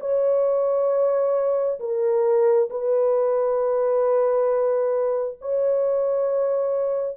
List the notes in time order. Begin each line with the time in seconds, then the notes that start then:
0.00 C#5
1.80 A#4
2.70 B4
5.41 C#5